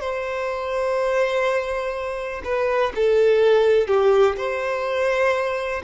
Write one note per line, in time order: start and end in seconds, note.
0.00 2.42 C5
2.44 2.92 B4
2.95 3.87 A4
3.87 4.35 G4
4.37 5.82 C5